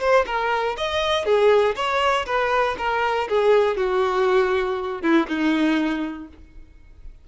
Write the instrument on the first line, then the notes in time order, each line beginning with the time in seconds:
violin
0.00 C5
0.26 A#4
0.77 D#5
1.25 G#4
1.75 C#5
2.26 B4
2.77 A#4
3.29 G#4
3.77 F#4
5.02 E4
5.28 D#4